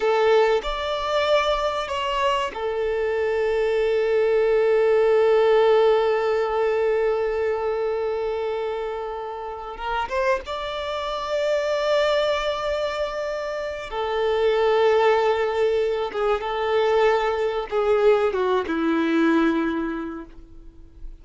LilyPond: \new Staff \with { instrumentName = "violin" } { \time 4/4 \tempo 4 = 95 a'4 d''2 cis''4 | a'1~ | a'1~ | a'2.~ a'8 ais'8 |
c''8 d''2.~ d''8~ | d''2 a'2~ | a'4. gis'8 a'2 | gis'4 fis'8 e'2~ e'8 | }